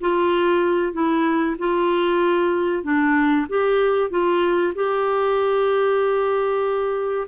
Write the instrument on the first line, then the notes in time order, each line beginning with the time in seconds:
clarinet
0.00 F4
0.93 E4
1.58 F4
2.83 D4
3.49 G4
4.10 F4
4.75 G4